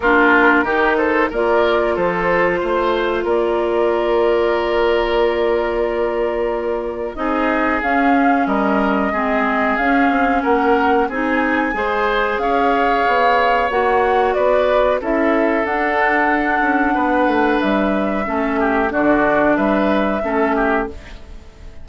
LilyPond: <<
  \new Staff \with { instrumentName = "flute" } { \time 4/4 \tempo 4 = 92 ais'4. c''8 d''4 c''4~ | c''4 d''2.~ | d''2. dis''4 | f''4 dis''2 f''4 |
fis''4 gis''2 f''4~ | f''4 fis''4 d''4 e''4 | fis''2. e''4~ | e''4 d''4 e''2 | }
  \new Staff \with { instrumentName = "oboe" } { \time 4/4 f'4 g'8 a'8 ais'4 a'4 | c''4 ais'2.~ | ais'2. gis'4~ | gis'4 ais'4 gis'2 |
ais'4 gis'4 c''4 cis''4~ | cis''2 b'4 a'4~ | a'2 b'2 | a'8 g'8 fis'4 b'4 a'8 g'8 | }
  \new Staff \with { instrumentName = "clarinet" } { \time 4/4 d'4 dis'4 f'2~ | f'1~ | f'2. dis'4 | cis'2 c'4 cis'4~ |
cis'4 dis'4 gis'2~ | gis'4 fis'2 e'4 | d'1 | cis'4 d'2 cis'4 | }
  \new Staff \with { instrumentName = "bassoon" } { \time 4/4 ais4 dis4 ais4 f4 | a4 ais2.~ | ais2. c'4 | cis'4 g4 gis4 cis'8 c'8 |
ais4 c'4 gis4 cis'4 | b4 ais4 b4 cis'4 | d'4. cis'8 b8 a8 g4 | a4 d4 g4 a4 | }
>>